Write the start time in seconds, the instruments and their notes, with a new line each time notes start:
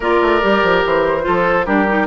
0.00 bassoon A#3, clarinet F4, oboe A#4, flute D5
0.21 bassoon A3
0.41 bassoon G3, clarinet G4
0.62 bassoon F3
0.84 bassoon E3, flute C5
1.21 bassoon F3, clarinet F4, oboe A4
1.65 bassoon G3, clarinet D4, oboe G4, flute A#4
1.88 clarinet D#4